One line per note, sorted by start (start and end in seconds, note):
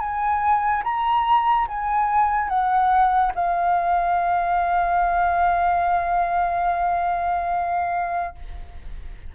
0.00 0.83 G#5
0.84 1.67 A#5
1.68 2.49 G#5
2.49 3.32 F#5
3.35 8.35 F5